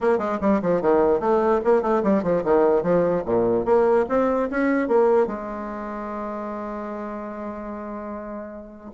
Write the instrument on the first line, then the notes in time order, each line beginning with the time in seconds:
bassoon
0.00 A#3
0.18 G#3
0.40 G3
0.61 F3
0.81 D#3
1.19 A3
1.64 A#3
1.82 A3
2.03 G3
2.23 F3
2.44 D#3
2.82 F3
3.25 A#2
3.65 A#3
4.08 C4
4.50 C#4
4.88 A#3
5.26 G#3